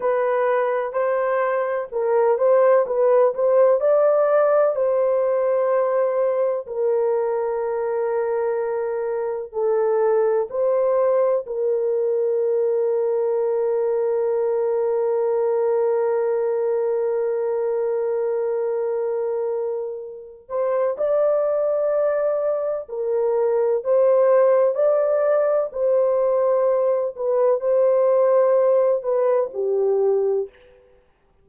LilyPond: \new Staff \with { instrumentName = "horn" } { \time 4/4 \tempo 4 = 63 b'4 c''4 ais'8 c''8 b'8 c''8 | d''4 c''2 ais'4~ | ais'2 a'4 c''4 | ais'1~ |
ais'1~ | ais'4. c''8 d''2 | ais'4 c''4 d''4 c''4~ | c''8 b'8 c''4. b'8 g'4 | }